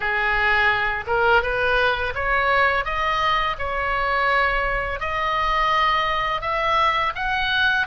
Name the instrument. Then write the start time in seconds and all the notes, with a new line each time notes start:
oboe
0.00 G#4
1.06 A#4
1.42 B4
2.14 C#5
2.84 D#5
3.58 C#5
4.99 D#5
6.41 E5
7.15 F#5